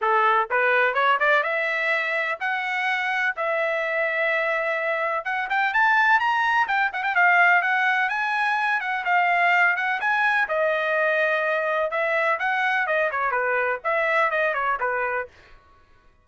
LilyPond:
\new Staff \with { instrumentName = "trumpet" } { \time 4/4 \tempo 4 = 126 a'4 b'4 cis''8 d''8 e''4~ | e''4 fis''2 e''4~ | e''2. fis''8 g''8 | a''4 ais''4 g''8 fis''16 g''16 f''4 |
fis''4 gis''4. fis''8 f''4~ | f''8 fis''8 gis''4 dis''2~ | dis''4 e''4 fis''4 dis''8 cis''8 | b'4 e''4 dis''8 cis''8 b'4 | }